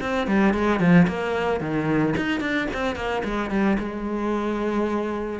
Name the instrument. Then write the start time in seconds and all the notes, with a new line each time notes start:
cello
0.00 C4
0.27 G3
0.53 G#3
0.79 F3
1.07 A#3
1.60 D#3
2.16 D#4
2.40 D4
2.73 C4
2.95 A#3
3.24 G#3
3.50 G3
3.79 G#3